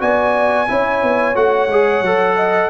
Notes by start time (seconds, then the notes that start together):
0.00 B3 F#4 D5 G#5
0.68 C#4 E4 C#5
1.03 B3
1.35 A3 F#4 F#5
1.68 G#3 G#4
2.01 F#3 A4
2.36 D#5